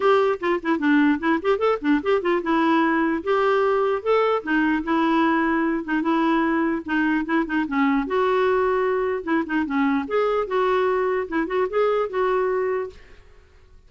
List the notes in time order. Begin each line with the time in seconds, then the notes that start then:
0.00 G4
0.40 F4
0.62 E4
0.79 D4
1.19 E4
1.42 G4
1.58 A4
1.81 D4
2.02 G4
2.21 F4
2.42 E4
3.23 G4
4.02 A4
4.43 D#4
4.83 E4
5.84 D#4
6.01 E4
6.85 D#4
7.25 E4
7.46 D#4
7.67 C#4
8.06 F#4
9.23 E4
9.46 D#4
9.65 C#4
10.07 G#4
10.47 F#4
11.28 E4
11.47 F#4
11.69 G#4
12.09 F#4